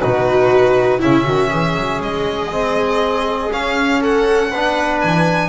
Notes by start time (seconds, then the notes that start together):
0.00 B2 D#4 F#4 B4
0.99 C#3 C#4 E4 E5
1.25 D#3 F#4
1.50 E3 G#4
1.76 F#3
2.01 G#3 D#5
2.52 C4
3.50 C#4 F5
4.01 A4 F#5
4.51 B3 D4 B4
5.01 E3 G#5